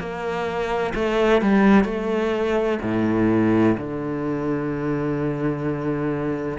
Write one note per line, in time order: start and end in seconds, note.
0.00 0.94 A#3
0.95 1.42 A3
1.42 1.85 G3
1.85 2.79 A3
2.83 3.76 A2
3.78 6.59 D3